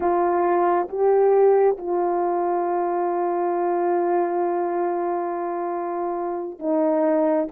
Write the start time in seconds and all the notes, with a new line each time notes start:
0.00 F4
0.88 G4
1.77 F4
6.59 D#4